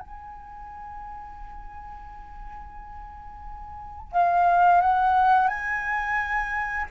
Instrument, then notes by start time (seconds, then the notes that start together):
flute
0.00 G#5
4.12 F5
4.81 F#5
5.48 G#5